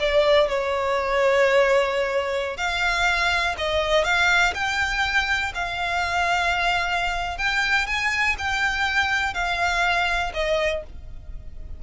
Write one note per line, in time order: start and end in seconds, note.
0.00 0.49 D5
0.49 2.57 C#5
2.57 3.55 F5
3.58 4.04 D#5
4.04 4.54 F5
4.54 5.53 G5
5.55 7.38 F5
7.38 7.87 G5
7.87 8.36 G#5
8.39 9.34 G5
9.34 10.32 F5
10.34 10.83 D#5